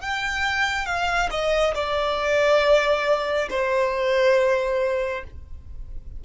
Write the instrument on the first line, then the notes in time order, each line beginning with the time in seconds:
violin
0.00 G5
0.86 F5
1.30 D#5
1.74 D5
3.49 C5